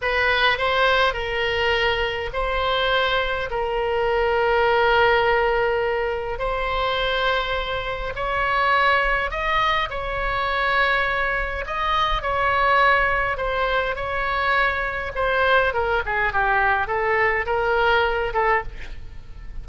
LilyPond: \new Staff \with { instrumentName = "oboe" } { \time 4/4 \tempo 4 = 103 b'4 c''4 ais'2 | c''2 ais'2~ | ais'2. c''4~ | c''2 cis''2 |
dis''4 cis''2. | dis''4 cis''2 c''4 | cis''2 c''4 ais'8 gis'8 | g'4 a'4 ais'4. a'8 | }